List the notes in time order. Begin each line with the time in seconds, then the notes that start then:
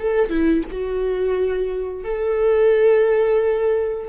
0.00 A4
0.30 E4
0.71 F#4
2.04 A4